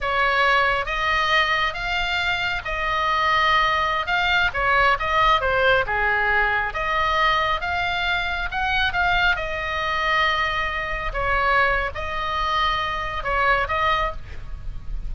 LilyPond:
\new Staff \with { instrumentName = "oboe" } { \time 4/4 \tempo 4 = 136 cis''2 dis''2 | f''2 dis''2~ | dis''4~ dis''16 f''4 cis''4 dis''8.~ | dis''16 c''4 gis'2 dis''8.~ |
dis''4~ dis''16 f''2 fis''8.~ | fis''16 f''4 dis''2~ dis''8.~ | dis''4~ dis''16 cis''4.~ cis''16 dis''4~ | dis''2 cis''4 dis''4 | }